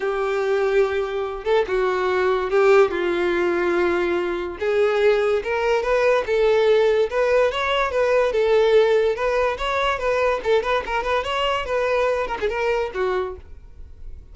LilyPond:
\new Staff \with { instrumentName = "violin" } { \time 4/4 \tempo 4 = 144 g'2.~ g'8 a'8 | fis'2 g'4 f'4~ | f'2. gis'4~ | gis'4 ais'4 b'4 a'4~ |
a'4 b'4 cis''4 b'4 | a'2 b'4 cis''4 | b'4 a'8 b'8 ais'8 b'8 cis''4 | b'4. ais'16 gis'16 ais'4 fis'4 | }